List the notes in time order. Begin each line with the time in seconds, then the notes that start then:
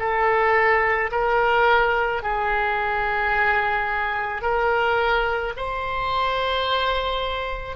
0.00 A4
1.12 A#4
2.23 G#4
4.42 A#4
5.57 C5